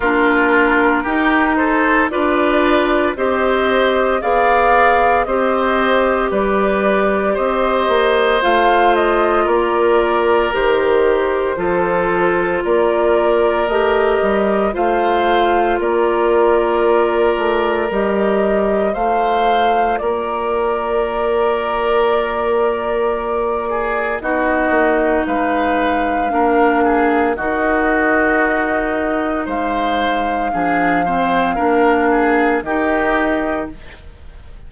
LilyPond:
<<
  \new Staff \with { instrumentName = "flute" } { \time 4/4 \tempo 4 = 57 ais'4. c''8 d''4 dis''4 | f''4 dis''4 d''4 dis''4 | f''8 dis''8 d''4 c''2 | d''4 dis''4 f''4 d''4~ |
d''4 dis''4 f''4 d''4~ | d''2. dis''4 | f''2 dis''2 | f''2. dis''4 | }
  \new Staff \with { instrumentName = "oboe" } { \time 4/4 f'4 g'8 a'8 b'4 c''4 | d''4 c''4 b'4 c''4~ | c''4 ais'2 a'4 | ais'2 c''4 ais'4~ |
ais'2 c''4 ais'4~ | ais'2~ ais'8 gis'8 fis'4 | b'4 ais'8 gis'8 fis'2 | c''4 gis'8 c''8 ais'8 gis'8 g'4 | }
  \new Staff \with { instrumentName = "clarinet" } { \time 4/4 d'4 dis'4 f'4 g'4 | gis'4 g'2. | f'2 g'4 f'4~ | f'4 g'4 f'2~ |
f'4 g'4 f'2~ | f'2. dis'4~ | dis'4 d'4 dis'2~ | dis'4 d'8 c'8 d'4 dis'4 | }
  \new Staff \with { instrumentName = "bassoon" } { \time 4/4 ais4 dis'4 d'4 c'4 | b4 c'4 g4 c'8 ais8 | a4 ais4 dis4 f4 | ais4 a8 g8 a4 ais4~ |
ais8 a8 g4 a4 ais4~ | ais2. b8 ais8 | gis4 ais4 dis2 | gis4 f4 ais4 dis4 | }
>>